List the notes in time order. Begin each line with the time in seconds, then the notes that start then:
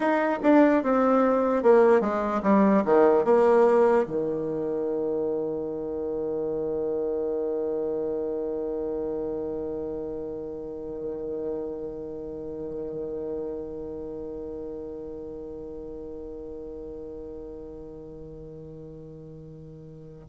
0.00 D#4
0.43 D4
0.83 C4
1.63 A#3
2.00 G#3
2.43 G3
2.85 D#3
3.24 A#3
4.06 D#3